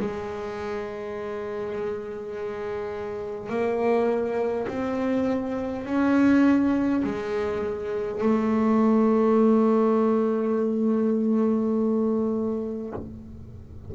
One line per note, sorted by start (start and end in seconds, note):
0.00 3.50 G#3
3.50 4.67 A#3
4.68 5.86 C4
5.86 7.03 C#4
7.04 8.22 G#3
8.22 12.93 A3